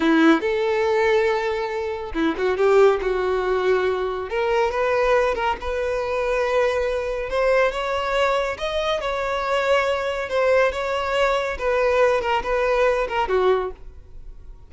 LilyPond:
\new Staff \with { instrumentName = "violin" } { \time 4/4 \tempo 4 = 140 e'4 a'2.~ | a'4 e'8 fis'8 g'4 fis'4~ | fis'2 ais'4 b'4~ | b'8 ais'8 b'2.~ |
b'4 c''4 cis''2 | dis''4 cis''2. | c''4 cis''2 b'4~ | b'8 ais'8 b'4. ais'8 fis'4 | }